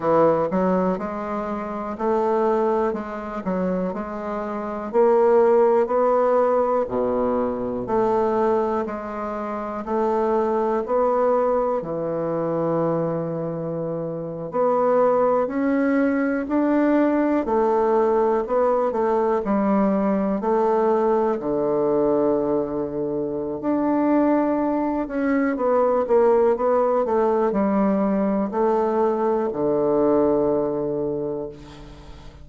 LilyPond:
\new Staff \with { instrumentName = "bassoon" } { \time 4/4 \tempo 4 = 61 e8 fis8 gis4 a4 gis8 fis8 | gis4 ais4 b4 b,4 | a4 gis4 a4 b4 | e2~ e8. b4 cis'16~ |
cis'8. d'4 a4 b8 a8 g16~ | g8. a4 d2~ d16 | d'4. cis'8 b8 ais8 b8 a8 | g4 a4 d2 | }